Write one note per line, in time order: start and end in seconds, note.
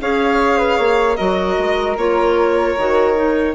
0.00 0.78 C#4
0.00 1.17 G#4
0.00 0.58 C#5
0.00 1.15 F5
0.58 0.76 B4
0.76 1.18 A#3
0.76 1.16 C#5
1.15 1.58 F#3
1.15 1.96 F#4
1.15 3.53 A#4
1.15 1.94 D#5
1.58 1.96 G#3
1.96 2.75 A#3
1.96 2.77 F4
1.96 3.54 C#5
2.77 3.54 D#3
2.77 3.14 F#4
3.14 3.54 D#4